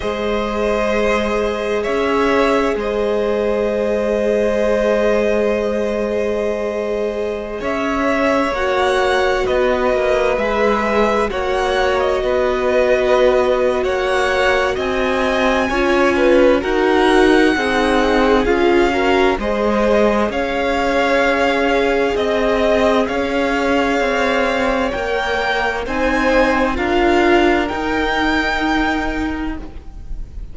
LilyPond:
<<
  \new Staff \with { instrumentName = "violin" } { \time 4/4 \tempo 4 = 65 dis''2 e''4 dis''4~ | dis''1~ | dis''16 e''4 fis''4 dis''4 e''8.~ | e''16 fis''8. dis''2 fis''4 |
gis''2 fis''2 | f''4 dis''4 f''2 | dis''4 f''2 g''4 | gis''4 f''4 g''2 | }
  \new Staff \with { instrumentName = "violin" } { \time 4/4 c''2 cis''4 c''4~ | c''1~ | c''16 cis''2 b'4.~ b'16~ | b'16 cis''4 b'4.~ b'16 cis''4 |
dis''4 cis''8 b'8 ais'4 gis'4~ | gis'8 ais'8 c''4 cis''2 | dis''4 cis''2. | c''4 ais'2. | }
  \new Staff \with { instrumentName = "viola" } { \time 4/4 gis'1~ | gis'1~ | gis'4~ gis'16 fis'2 gis'8.~ | gis'16 fis'2.~ fis'8.~ |
fis'4 f'4 fis'4 dis'4 | f'8 fis'8 gis'2.~ | gis'2. ais'4 | dis'4 f'4 dis'2 | }
  \new Staff \with { instrumentName = "cello" } { \time 4/4 gis2 cis'4 gis4~ | gis1~ | gis16 cis'4 ais4 b8 ais8 gis8.~ | gis16 ais4 b4.~ b16 ais4 |
c'4 cis'4 dis'4 c'4 | cis'4 gis4 cis'2 | c'4 cis'4 c'4 ais4 | c'4 d'4 dis'2 | }
>>